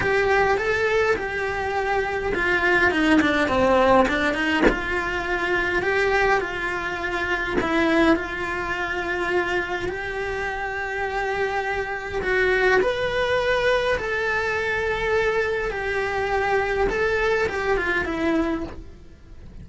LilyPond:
\new Staff \with { instrumentName = "cello" } { \time 4/4 \tempo 4 = 103 g'4 a'4 g'2 | f'4 dis'8 d'8 c'4 d'8 dis'8 | f'2 g'4 f'4~ | f'4 e'4 f'2~ |
f'4 g'2.~ | g'4 fis'4 b'2 | a'2. g'4~ | g'4 a'4 g'8 f'8 e'4 | }